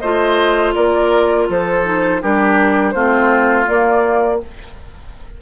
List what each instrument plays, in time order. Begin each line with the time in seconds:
0.00 bassoon A3, clarinet F4, oboe C5, flute D#5
0.75 bassoon A#3, oboe A#4, flute D5
1.49 bassoon F3, oboe A4, flute C5
1.84 clarinet D#4
2.22 bassoon G3, clarinet D4, oboe G4, flute A#4
2.91 bassoon A3, clarinet C4, oboe F4, flute C5
3.65 clarinet A#3, bassoon A#3, flute D5